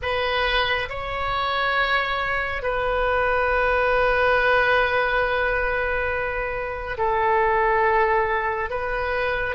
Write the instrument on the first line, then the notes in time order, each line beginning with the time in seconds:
oboe
0.02 B4
0.89 C#5
2.62 B4
6.97 A4
8.70 B4